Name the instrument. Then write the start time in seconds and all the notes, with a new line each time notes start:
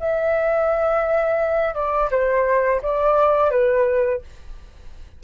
flute
0.00 E5
1.75 D5
2.11 C5
2.82 D5
3.51 B4